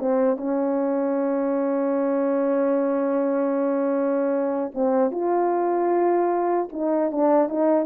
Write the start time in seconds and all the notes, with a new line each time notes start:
0.00 C4
0.37 C#4
4.75 C4
5.11 F4
6.73 D#4
7.12 D4
7.49 D#4